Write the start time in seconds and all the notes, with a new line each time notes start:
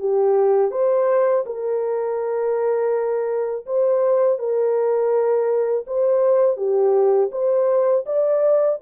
0.00 G4
0.72 C5
1.46 A#4
3.67 C5
4.39 A#4
5.87 C5
6.57 G4
7.32 C5
8.07 D5